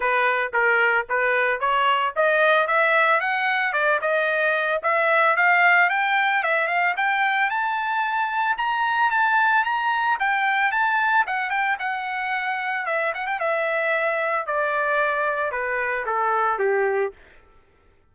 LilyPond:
\new Staff \with { instrumentName = "trumpet" } { \time 4/4 \tempo 4 = 112 b'4 ais'4 b'4 cis''4 | dis''4 e''4 fis''4 d''8 dis''8~ | dis''4 e''4 f''4 g''4 | e''8 f''8 g''4 a''2 |
ais''4 a''4 ais''4 g''4 | a''4 fis''8 g''8 fis''2 | e''8 fis''16 g''16 e''2 d''4~ | d''4 b'4 a'4 g'4 | }